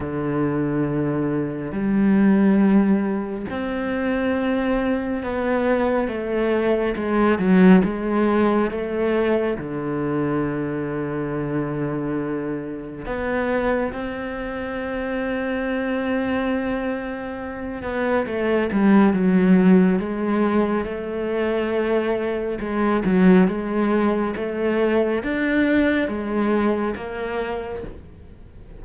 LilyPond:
\new Staff \with { instrumentName = "cello" } { \time 4/4 \tempo 4 = 69 d2 g2 | c'2 b4 a4 | gis8 fis8 gis4 a4 d4~ | d2. b4 |
c'1~ | c'8 b8 a8 g8 fis4 gis4 | a2 gis8 fis8 gis4 | a4 d'4 gis4 ais4 | }